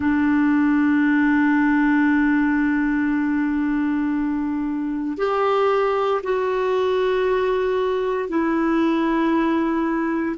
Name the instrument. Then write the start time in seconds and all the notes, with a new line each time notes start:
clarinet
0.00 D4
5.17 G4
6.23 F#4
8.28 E4